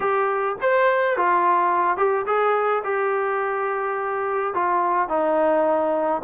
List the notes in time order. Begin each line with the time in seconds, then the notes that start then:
0.00 G4
0.61 C5
1.16 F4
1.97 G4
2.26 G#4
2.84 G4
4.54 F4
5.08 D#4